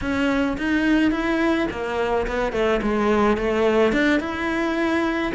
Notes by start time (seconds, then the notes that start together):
0.01 C#4
0.57 D#4
1.11 E4
1.70 A#3
2.27 B3
2.52 A3
2.82 G#3
3.37 A3
3.92 D4
4.20 E4